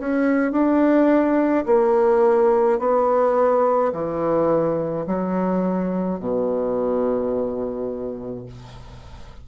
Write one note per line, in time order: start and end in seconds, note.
0.00 0.52 C#4
0.52 1.66 D4
1.66 2.79 A#3
2.79 3.93 B3
3.93 5.06 E3
5.07 6.20 F#3
6.20 8.46 B2